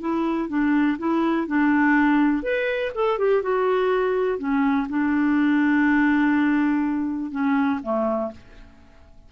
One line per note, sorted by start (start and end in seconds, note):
0.00 0.49 E4
0.49 0.97 D4
0.98 1.47 E4
1.47 2.43 D4
2.43 2.92 B4
2.95 3.18 A4
3.18 3.42 G4
3.42 4.38 F#4
4.38 4.87 C#4
4.89 7.31 D4
7.31 7.80 C#4
7.82 8.31 A3